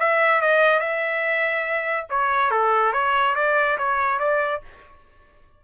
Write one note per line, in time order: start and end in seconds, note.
0.00 0.42 E5
0.42 0.80 D#5
0.80 2.07 E5
2.10 2.51 C#5
2.51 2.93 A4
2.93 3.36 C#5
3.36 3.78 D5
3.79 4.20 C#5
4.20 4.62 D5